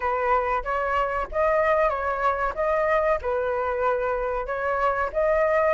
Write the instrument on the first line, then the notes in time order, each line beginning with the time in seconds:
flute
0.00 B4
0.63 C#5
1.31 D#5
1.89 C#5
2.54 D#5
3.21 B4
4.46 C#5
5.12 D#5